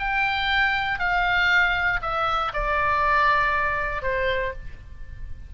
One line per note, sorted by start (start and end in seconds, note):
0.00 1.00 G5
1.00 2.01 F5
2.02 2.53 E5
2.54 4.02 D5
4.02 4.53 C5